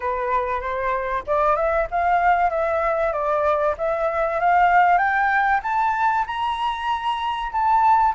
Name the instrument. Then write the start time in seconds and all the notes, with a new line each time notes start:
flute
0.00 B4
0.60 C5
1.26 D5
1.56 E5
1.90 F5
2.50 E5
3.12 D5
3.77 E5
4.39 F5
4.97 G5
5.62 A5
6.26 A#5
7.52 A5